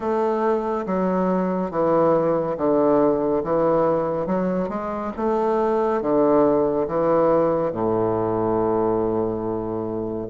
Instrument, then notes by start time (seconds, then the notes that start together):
bassoon
0.00 A3
0.86 F#3
1.70 E3
2.57 D3
3.43 E3
4.26 F#3
4.69 G#3
5.17 A3
6.01 D3
6.87 E3
7.72 A2